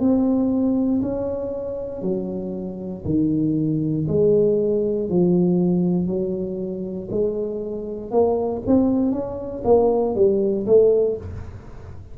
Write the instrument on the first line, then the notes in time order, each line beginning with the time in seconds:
tuba
0.00 C4
1.02 C#4
2.02 F#3
3.05 D#3
4.08 G#3
5.09 F3
6.07 F#3
7.11 G#3
8.11 A#3
8.67 C4
9.12 C#4
9.64 A#3
10.15 G3
10.66 A3